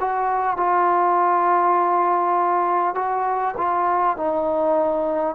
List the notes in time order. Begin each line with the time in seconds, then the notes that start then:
0.00 F#4
0.57 F4
2.95 F#4
3.57 F4
4.17 D#4